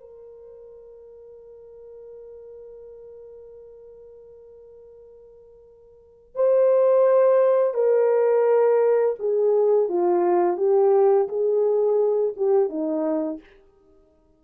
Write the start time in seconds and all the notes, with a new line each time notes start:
0.00 A#4
6.35 C5
7.74 A#4
9.19 G#4
9.89 F4
10.57 G4
11.28 G#4
12.36 G4
12.69 D#4